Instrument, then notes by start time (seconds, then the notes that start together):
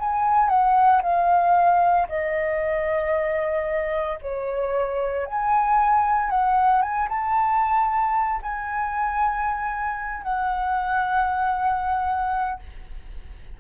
flute
0.00 G#5
0.49 F#5
1.03 F5
2.09 D#5
4.22 C#5
5.27 G#5
6.30 F#5
6.82 G#5
7.09 A5
8.43 G#5
10.23 F#5